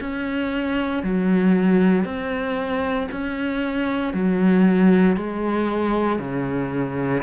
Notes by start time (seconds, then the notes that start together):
0.00 C#4
1.03 F#3
2.04 C4
3.11 C#4
4.13 F#3
5.16 G#3
6.19 C#3